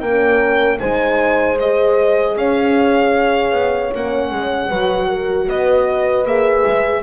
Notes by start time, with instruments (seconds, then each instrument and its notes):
0.00 double bass A#3, horn C#4 A#4, violin G5
0.79 double bass G#3, horn D#4 C5, violin G#5
1.60 horn G#4, violin D#5
2.36 double bass C#4, horn C#5, violin F5
3.51 double bass B3
3.94 double bass A#3, horn C#4, violin F#5
4.31 double bass G#3
4.69 double bass F#3, horn F#4 B4
5.08 horn A#4
5.48 double bass B3, horn B4, violin D#5
6.25 double bass A#3, horn G#4, violin E5
6.66 double bass G#3